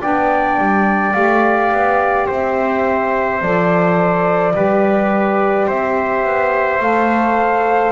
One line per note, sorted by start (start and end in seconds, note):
0.00 0.58 B3
0.00 1.13 D4
0.00 2.26 D5
0.00 1.13 G5
0.58 1.15 G3
1.13 1.72 A3
1.13 3.39 G4
1.13 2.26 F5
1.72 2.28 B3
2.26 3.42 C4
2.26 4.53 C5
2.26 3.42 E5
3.42 4.55 F3
3.42 4.52 A4
3.42 5.69 D5
4.52 5.68 G3
4.52 6.79 G4
4.52 5.67 B4
5.67 6.24 C4
5.67 7.92 C5
5.67 6.81 E5
6.24 6.80 B3
6.80 7.92 A3
6.80 7.92 A4
6.80 7.92 F5